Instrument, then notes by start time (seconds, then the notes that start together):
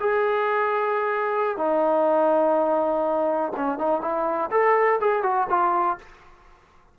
trombone
0.00 G#4
1.57 D#4
3.56 C#4
3.78 D#4
4.01 E4
4.51 A4
5.01 G#4
5.23 F#4
5.50 F4